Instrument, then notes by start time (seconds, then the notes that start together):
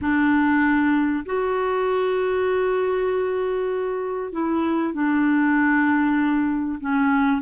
clarinet
0.01 D4
1.25 F#4
4.32 E4
4.93 D4
6.80 C#4